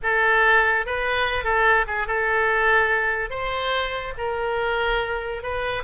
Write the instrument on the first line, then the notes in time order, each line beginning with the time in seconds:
oboe
0.02 A4
0.86 B4
1.43 A4
1.87 G#4
2.07 A4
3.30 C5
4.17 A#4
5.42 B4